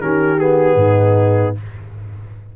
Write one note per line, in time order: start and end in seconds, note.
0.00 0.75 D#3
0.00 0.37 C#4
0.00 0.77 G4
0.00 0.39 A#4
0.37 1.54 B3
0.37 1.56 G#4
0.75 1.53 G#2
0.75 1.55 D#4